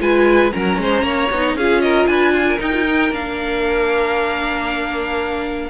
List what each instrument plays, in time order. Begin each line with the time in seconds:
0.00 cello G#3, viola F4, violin B4 G#5
0.52 cello F#3, viola C#4, violin A#4 A#5
0.79 cello G#3, violin C5
1.03 cello A#3, violin C#5
1.31 cello B3, viola D#4
1.55 cello C#4, viola F4, violin G#4 F5
1.81 violin A#4 D#5
2.07 cello D4, violin B4 G#5
2.34 violin F4
2.47 violin A#4
2.59 viola D#4, cello D#4, violin G5
2.75 viola F4
2.85 viola D#4
3.11 cello A#3, viola D4, violin F5